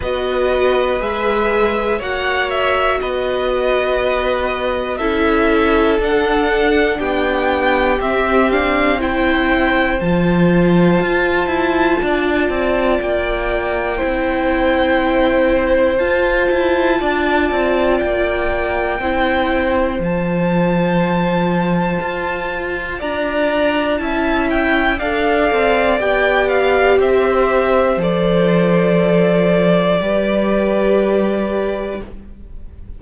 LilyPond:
<<
  \new Staff \with { instrumentName = "violin" } { \time 4/4 \tempo 4 = 60 dis''4 e''4 fis''8 e''8 dis''4~ | dis''4 e''4 fis''4 g''4 | e''8 f''8 g''4 a''2~ | a''4 g''2. |
a''2 g''2 | a''2. ais''4 | a''8 g''8 f''4 g''8 f''8 e''4 | d''1 | }
  \new Staff \with { instrumentName = "violin" } { \time 4/4 b'2 cis''4 b'4~ | b'4 a'2 g'4~ | g'4 c''2. | d''2 c''2~ |
c''4 d''2 c''4~ | c''2. d''4 | e''4 d''2 c''4~ | c''2 b'2 | }
  \new Staff \with { instrumentName = "viola" } { \time 4/4 fis'4 gis'4 fis'2~ | fis'4 e'4 d'2 | c'8 d'8 e'4 f'2~ | f'2 e'2 |
f'2. e'4 | f'1 | e'4 a'4 g'2 | a'2 g'2 | }
  \new Staff \with { instrumentName = "cello" } { \time 4/4 b4 gis4 ais4 b4~ | b4 cis'4 d'4 b4 | c'2 f4 f'8 e'8 | d'8 c'8 ais4 c'2 |
f'8 e'8 d'8 c'8 ais4 c'4 | f2 f'4 d'4 | cis'4 d'8 c'8 b4 c'4 | f2 g2 | }
>>